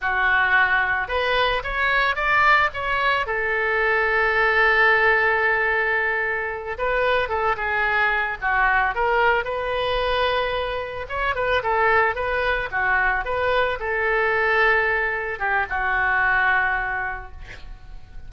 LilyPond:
\new Staff \with { instrumentName = "oboe" } { \time 4/4 \tempo 4 = 111 fis'2 b'4 cis''4 | d''4 cis''4 a'2~ | a'1~ | a'8 b'4 a'8 gis'4. fis'8~ |
fis'8 ais'4 b'2~ b'8~ | b'8 cis''8 b'8 a'4 b'4 fis'8~ | fis'8 b'4 a'2~ a'8~ | a'8 g'8 fis'2. | }